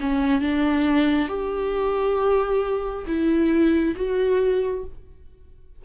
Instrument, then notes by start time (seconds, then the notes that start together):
viola
0.00 C#4
0.41 D4
1.28 G4
3.07 E4
3.96 F#4